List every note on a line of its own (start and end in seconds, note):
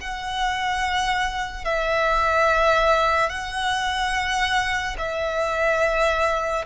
0.00 1.64 F#5
1.64 3.29 E5
3.29 4.96 F#5
4.98 6.65 E5